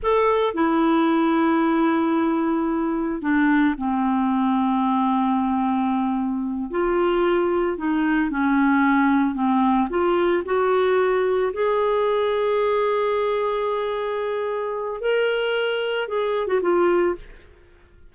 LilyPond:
\new Staff \with { instrumentName = "clarinet" } { \time 4/4 \tempo 4 = 112 a'4 e'2.~ | e'2 d'4 c'4~ | c'1~ | c'8 f'2 dis'4 cis'8~ |
cis'4. c'4 f'4 fis'8~ | fis'4. gis'2~ gis'8~ | gis'1 | ais'2 gis'8. fis'16 f'4 | }